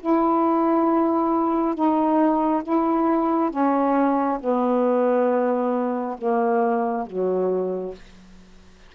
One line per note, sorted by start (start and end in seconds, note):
0.00 1.75 E4
1.75 2.63 D#4
2.63 3.51 E4
3.51 4.39 C#4
4.41 6.17 B3
6.18 7.07 A#3
7.07 7.95 F#3